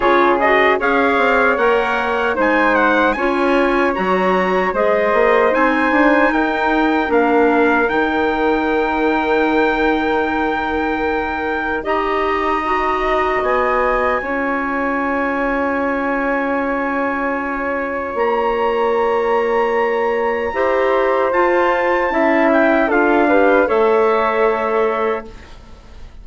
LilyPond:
<<
  \new Staff \with { instrumentName = "trumpet" } { \time 4/4 \tempo 4 = 76 cis''8 dis''8 f''4 fis''4 gis''8 fis''8 | gis''4 ais''4 dis''4 gis''4 | g''4 f''4 g''2~ | g''2. ais''4~ |
ais''4 gis''2.~ | gis''2. ais''4~ | ais''2. a''4~ | a''8 g''8 f''4 e''2 | }
  \new Staff \with { instrumentName = "flute" } { \time 4/4 gis'4 cis''2 c''4 | cis''2 c''2 | ais'1~ | ais'2. dis''4~ |
dis''2 cis''2~ | cis''1~ | cis''2 c''2 | e''4 a'8 b'8 cis''2 | }
  \new Staff \with { instrumentName = "clarinet" } { \time 4/4 f'8 fis'8 gis'4 ais'4 dis'4 | f'4 fis'4 gis'4 dis'4~ | dis'4 d'4 dis'2~ | dis'2. g'4 |
fis'2 f'2~ | f'1~ | f'2 g'4 f'4 | e'4 f'8 g'8 a'2 | }
  \new Staff \with { instrumentName = "bassoon" } { \time 4/4 cis4 cis'8 c'8 ais4 gis4 | cis'4 fis4 gis8 ais8 c'8 d'8 | dis'4 ais4 dis2~ | dis2. dis'4~ |
dis'4 b4 cis'2~ | cis'2. ais4~ | ais2 e'4 f'4 | cis'4 d'4 a2 | }
>>